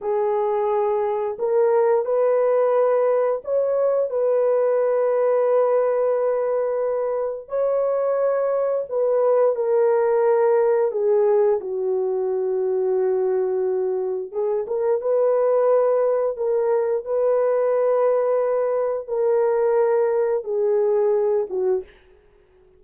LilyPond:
\new Staff \with { instrumentName = "horn" } { \time 4/4 \tempo 4 = 88 gis'2 ais'4 b'4~ | b'4 cis''4 b'2~ | b'2. cis''4~ | cis''4 b'4 ais'2 |
gis'4 fis'2.~ | fis'4 gis'8 ais'8 b'2 | ais'4 b'2. | ais'2 gis'4. fis'8 | }